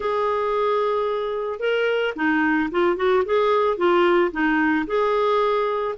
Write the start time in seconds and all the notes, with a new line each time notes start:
0.00 G#4
1.59 A#4
2.15 D#4
2.71 F4
2.96 F#4
3.25 G#4
3.77 F4
4.31 D#4
4.86 G#4